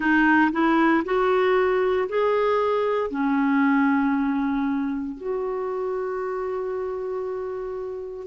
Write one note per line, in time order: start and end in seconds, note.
0.00 0.51 D#4
0.52 1.03 E4
1.04 2.08 F#4
2.08 3.10 G#4
3.10 5.17 C#4
5.17 8.27 F#4